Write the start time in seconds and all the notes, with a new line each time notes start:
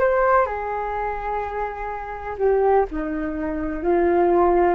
0.00 C5
0.46 G#4
2.38 G4
2.91 D#4
3.84 F4